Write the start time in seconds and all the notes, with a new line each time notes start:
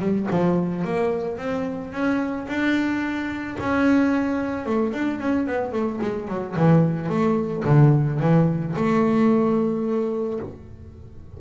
0.00 G3
0.31 F3
0.85 A#3
1.38 C4
1.93 C#4
2.48 D4
3.60 C#4
4.66 A3
4.94 D4
5.20 C#4
5.47 B3
5.73 A3
6.02 G#3
6.29 F#3
6.56 E3
7.10 A3
7.65 D3
8.20 E3
8.76 A3